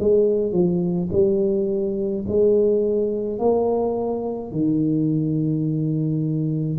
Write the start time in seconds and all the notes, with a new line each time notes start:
0.00 G#3
0.52 F3
1.13 G3
2.28 G#3
3.39 A#3
4.52 D#3